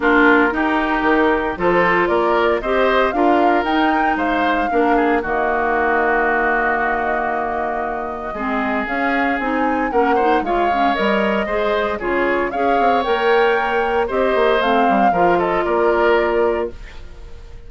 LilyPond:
<<
  \new Staff \with { instrumentName = "flute" } { \time 4/4 \tempo 4 = 115 ais'2. c''4 | d''4 dis''4 f''4 g''4 | f''2 dis''2~ | dis''1~ |
dis''4 f''4 gis''4 fis''4 | f''4 dis''2 cis''4 | f''4 g''2 dis''4 | f''4. dis''8 d''2 | }
  \new Staff \with { instrumentName = "oboe" } { \time 4/4 f'4 g'2 a'4 | ais'4 c''4 ais'2 | c''4 ais'8 gis'8 fis'2~ | fis'1 |
gis'2. ais'8 c''8 | cis''2 c''4 gis'4 | cis''2. c''4~ | c''4 ais'8 a'8 ais'2 | }
  \new Staff \with { instrumentName = "clarinet" } { \time 4/4 d'4 dis'2 f'4~ | f'4 g'4 f'4 dis'4~ | dis'4 d'4 ais2~ | ais1 |
c'4 cis'4 dis'4 cis'8 dis'8 | f'8 cis'8 ais'4 gis'4 f'4 | gis'4 ais'2 g'4 | c'4 f'2. | }
  \new Staff \with { instrumentName = "bassoon" } { \time 4/4 ais4 dis'4 dis4 f4 | ais4 c'4 d'4 dis'4 | gis4 ais4 dis2~ | dis1 |
gis4 cis'4 c'4 ais4 | gis4 g4 gis4 cis4 | cis'8 c'8 ais2 c'8 ais8 | a8 g8 f4 ais2 | }
>>